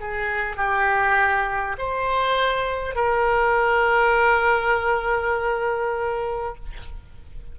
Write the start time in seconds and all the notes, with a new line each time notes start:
0.00 G#4
0.57 G4
1.78 C5
2.96 A#4